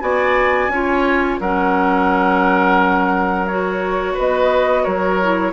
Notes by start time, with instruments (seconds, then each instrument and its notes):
0.00 bassoon B3, clarinet F#4, oboe D5, flute G#5
0.68 bassoon C#4, clarinet F4, oboe C#5
1.40 bassoon F#3, clarinet C#4, oboe A#4, flute F#5
3.47 clarinet F#4, flute C#5
4.13 bassoon B3, oboe B4, flute D#5
4.83 bassoon F#3, oboe A#4, flute C#5
5.22 clarinet E4